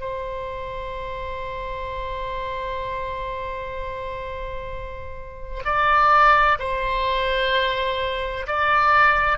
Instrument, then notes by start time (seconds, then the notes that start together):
oboe
0.00 C5
5.65 D5
6.59 C5
8.47 D5